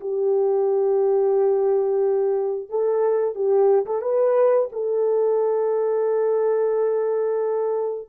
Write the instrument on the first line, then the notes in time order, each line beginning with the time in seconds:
horn
0.00 G4
2.69 A4
3.35 G4
3.86 A4
4.01 B4
4.72 A4